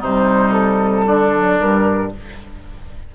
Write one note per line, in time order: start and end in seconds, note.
0.00 1.06 C3
0.00 1.34 G3
0.00 1.05 D#4
0.00 0.52 C5
0.52 1.57 A4
1.07 1.59 D3
1.07 2.12 D4
1.34 1.58 F#3
1.58 2.15 G2
1.58 2.11 G3
1.58 2.12 A#4